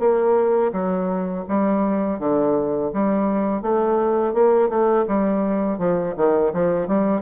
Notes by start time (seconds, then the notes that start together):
0.00 A#3
0.73 F#3
1.49 G3
2.20 D3
2.93 G3
3.63 A3
4.34 A#3
4.70 A3
5.08 G3
5.79 F3
6.17 D#3
6.54 F3
6.88 G3